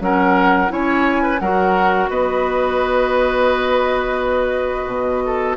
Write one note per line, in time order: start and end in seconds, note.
0.00 0.70 F#3
0.00 0.68 C#4
0.00 0.73 A#4
0.00 0.72 F#5
0.68 1.41 C#4
0.68 1.38 E4
0.68 1.23 C#5
0.68 1.40 G#5
1.23 1.40 B4
1.40 2.09 F#3
1.40 5.57 F#4
1.40 2.10 A#4
1.40 2.10 F#5
2.09 4.87 B3
2.09 5.24 B4
2.09 5.57 D#5
4.87 5.56 B2
5.26 5.57 A4